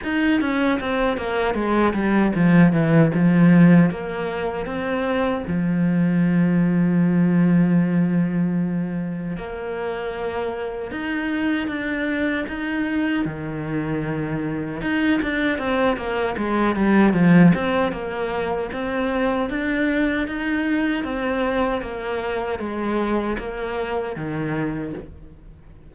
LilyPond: \new Staff \with { instrumentName = "cello" } { \time 4/4 \tempo 4 = 77 dis'8 cis'8 c'8 ais8 gis8 g8 f8 e8 | f4 ais4 c'4 f4~ | f1 | ais2 dis'4 d'4 |
dis'4 dis2 dis'8 d'8 | c'8 ais8 gis8 g8 f8 c'8 ais4 | c'4 d'4 dis'4 c'4 | ais4 gis4 ais4 dis4 | }